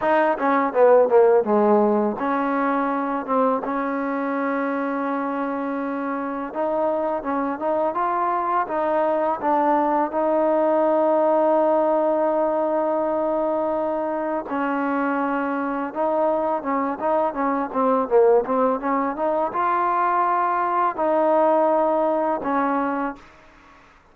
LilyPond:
\new Staff \with { instrumentName = "trombone" } { \time 4/4 \tempo 4 = 83 dis'8 cis'8 b8 ais8 gis4 cis'4~ | cis'8 c'8 cis'2.~ | cis'4 dis'4 cis'8 dis'8 f'4 | dis'4 d'4 dis'2~ |
dis'1 | cis'2 dis'4 cis'8 dis'8 | cis'8 c'8 ais8 c'8 cis'8 dis'8 f'4~ | f'4 dis'2 cis'4 | }